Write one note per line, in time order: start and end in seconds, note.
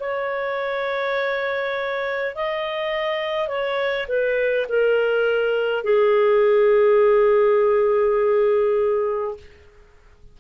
0.00 2.35 C#5
2.36 3.48 D#5
3.48 4.07 C#5
4.09 4.67 B4
4.69 5.84 A#4
5.84 9.37 G#4